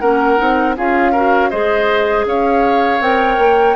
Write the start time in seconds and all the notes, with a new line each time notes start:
0.00 A#3 C#4 A#4 F#5
0.38 C4 D#4
0.77 C#4 F4 G#4 F5
1.12 F#4 A#4
1.50 G#3 G#4 C5 D#5
2.26 C#4 C#5 F5
3.00 C4 A#4 G5
3.38 A#3